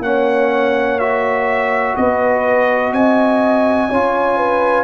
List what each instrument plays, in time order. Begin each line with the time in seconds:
0.00 tuba A#3, trombone C#4, trumpet F#5
0.06 horn C#5
1.00 trombone F#4, trumpet E5
1.97 tuba B3, horn B4, trumpet D#5
2.93 tuba C4, horn D#5, trumpet G#5
3.90 tuba C#4, trombone F4, horn C#5
4.38 horn B4